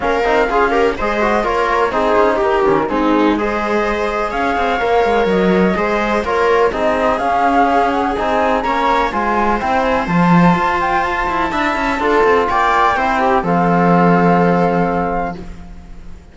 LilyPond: <<
  \new Staff \with { instrumentName = "flute" } { \time 4/4 \tempo 4 = 125 f''2 dis''4 cis''4 | c''4 ais'4 gis'4 dis''4~ | dis''4 f''2 dis''4~ | dis''4 cis''4 dis''4 f''4~ |
f''8 fis''8 gis''4 ais''4 gis''4 | g''8 gis''8 a''4. g''8 a''4~ | a''2 g''2 | f''1 | }
  \new Staff \with { instrumentName = "viola" } { \time 4/4 ais'4 gis'8 ais'8 c''4 ais'4 | gis'4 g'4 dis'4 c''4~ | c''4 cis''2. | c''4 ais'4 gis'2~ |
gis'2 cis''4 c''4~ | c''1 | e''4 a'4 d''4 c''8 g'8 | a'1 | }
  \new Staff \with { instrumentName = "trombone" } { \time 4/4 cis'8 dis'8 f'8 g'8 gis'8 fis'8 f'4 | dis'4. cis'8 c'4 gis'4~ | gis'2 ais'2 | gis'4 f'4 dis'4 cis'4~ |
cis'4 dis'4 cis'4 f'4 | e'4 f'2. | e'4 f'2 e'4 | c'1 | }
  \new Staff \with { instrumentName = "cello" } { \time 4/4 ais8 c'8 cis'4 gis4 ais4 | c'8 cis'8 dis'8 dis8 gis2~ | gis4 cis'8 c'8 ais8 gis8 fis4 | gis4 ais4 c'4 cis'4~ |
cis'4 c'4 ais4 gis4 | c'4 f4 f'4. e'8 | d'8 cis'8 d'8 c'8 ais4 c'4 | f1 | }
>>